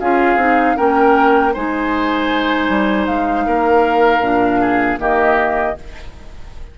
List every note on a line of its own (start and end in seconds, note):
0.00 0.36 C#4
0.00 0.39 F4
0.00 0.77 G#4
0.00 0.77 F5
0.36 0.75 C4
0.36 0.76 D#4
0.76 1.56 A#3
0.76 1.53 C#4
0.76 1.54 A#4
0.76 1.54 G5
1.54 2.69 G#3
1.54 4.23 D#4
1.54 3.46 C5
1.54 3.07 G#5
2.69 3.08 G3
3.07 3.47 G#3
3.07 4.99 F5
3.46 4.21 A#3
3.46 4.61 A#4
4.21 4.98 A#2
4.21 4.99 D4
4.61 5.00 G#4
4.99 5.76 D#3
4.99 5.75 A#3
4.99 5.78 G4
4.99 5.79 D#5